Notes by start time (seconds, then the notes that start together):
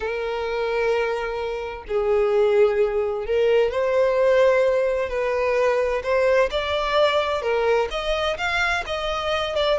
0.00 A#4
1.88 G#4
3.26 A#4
3.71 C5
5.09 B4
6.03 C5
6.51 D5
7.42 A#4
7.90 D#5
8.37 F5
8.86 D#5
9.55 D5